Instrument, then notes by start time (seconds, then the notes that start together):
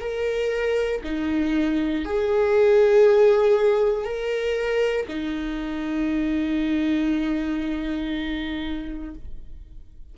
viola
0.00 A#4
1.04 D#4
2.05 G#4
4.04 A#4
5.08 D#4